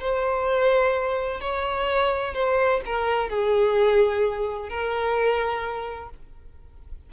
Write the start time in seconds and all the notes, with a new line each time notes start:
0.00 C5
1.40 C#5
2.34 C5
2.86 A#4
3.29 G#4
4.69 A#4